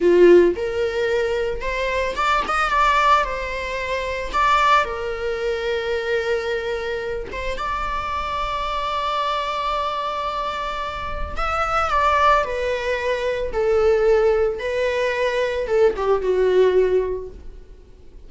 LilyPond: \new Staff \with { instrumentName = "viola" } { \time 4/4 \tempo 4 = 111 f'4 ais'2 c''4 | d''8 dis''8 d''4 c''2 | d''4 ais'2.~ | ais'4. c''8 d''2~ |
d''1~ | d''4 e''4 d''4 b'4~ | b'4 a'2 b'4~ | b'4 a'8 g'8 fis'2 | }